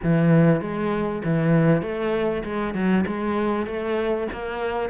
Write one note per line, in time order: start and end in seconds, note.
0.03 0.61 E3
0.61 1.22 G#3
1.24 1.82 E3
1.82 2.43 A3
2.44 2.74 G#3
2.74 3.04 F#3
3.06 3.66 G#3
3.66 4.27 A3
4.32 4.89 A#3